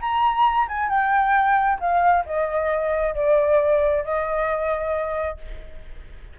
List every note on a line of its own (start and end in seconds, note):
0.00 0.67 A#5
0.68 0.89 G#5
0.89 1.79 G5
1.80 2.24 F5
2.25 3.14 D#5
3.14 4.04 D5
4.04 5.38 D#5